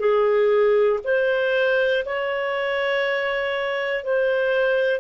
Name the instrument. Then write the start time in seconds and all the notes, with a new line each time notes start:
clarinet
0.00 G#4
1.04 C5
2.05 C#5
4.04 C5